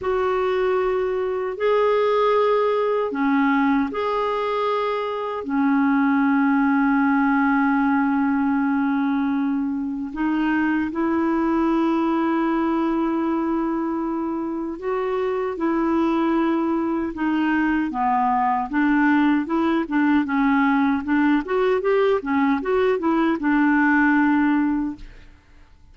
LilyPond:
\new Staff \with { instrumentName = "clarinet" } { \time 4/4 \tempo 4 = 77 fis'2 gis'2 | cis'4 gis'2 cis'4~ | cis'1~ | cis'4 dis'4 e'2~ |
e'2. fis'4 | e'2 dis'4 b4 | d'4 e'8 d'8 cis'4 d'8 fis'8 | g'8 cis'8 fis'8 e'8 d'2 | }